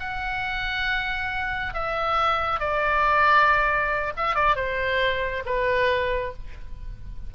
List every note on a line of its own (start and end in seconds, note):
0.00 1.74 F#5
1.74 2.60 E5
2.60 4.13 D5
4.17 4.35 E5
4.35 4.56 D5
4.56 5.44 C5
5.46 6.33 B4